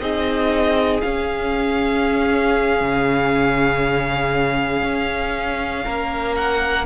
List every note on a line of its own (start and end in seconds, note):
0.00 1.02 C4
0.00 1.02 D#4
0.00 5.85 G#4
0.00 1.01 D#5
1.01 6.86 C#4
1.01 2.81 C#4
1.01 6.35 F5
2.81 4.83 C#3
4.83 5.85 C#4
5.85 6.86 A#3
5.85 6.86 A#4
6.37 6.86 F#5